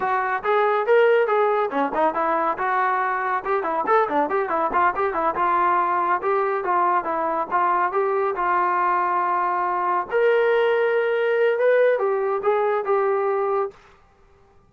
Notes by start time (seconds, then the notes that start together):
0.00 F#4
0.43 G#4
0.86 A#4
1.27 G#4
1.70 C#4
1.94 D#4
2.14 E4
2.57 F#4
3.44 G4
3.63 E4
3.86 A4
4.09 D4
4.29 G4
4.49 E4
4.72 F4
4.95 G4
5.13 E4
5.35 F4
6.22 G4
6.64 F4
7.04 E4
7.51 F4
7.92 G4
8.35 F4
10.10 A#4
11.58 B4
11.98 G4
12.42 G#4
12.84 G4